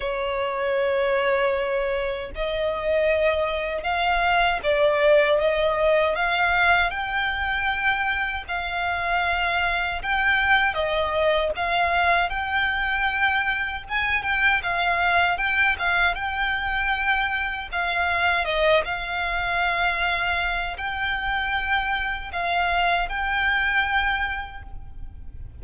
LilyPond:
\new Staff \with { instrumentName = "violin" } { \time 4/4 \tempo 4 = 78 cis''2. dis''4~ | dis''4 f''4 d''4 dis''4 | f''4 g''2 f''4~ | f''4 g''4 dis''4 f''4 |
g''2 gis''8 g''8 f''4 | g''8 f''8 g''2 f''4 | dis''8 f''2~ f''8 g''4~ | g''4 f''4 g''2 | }